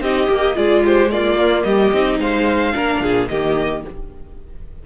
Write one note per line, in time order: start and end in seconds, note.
0.00 0.27 C4
0.00 0.26 D#4
0.00 0.55 G4
0.00 0.56 D#5
0.26 0.56 A#3
0.26 0.53 G4
0.54 1.35 G#3
0.54 1.09 F4
0.54 0.83 G#4
0.54 0.84 D5
0.84 1.11 G4
0.84 1.11 C5
1.11 1.93 A#3
1.11 1.65 F4
1.11 1.63 D5
1.35 1.62 A#3
1.63 1.92 G3
1.63 2.20 G4
1.63 2.17 D#5
1.92 2.19 C4
1.92 2.72 D#4
2.19 2.74 G#3
2.19 2.74 C5
2.19 3.28 F5
2.72 3.00 A#3
2.72 3.27 D4
2.72 3.02 A#4
3.00 3.27 A#2
3.00 3.29 G#4
3.28 3.84 D#3
3.28 3.86 A#3
3.28 3.84 G4
3.28 3.82 D#5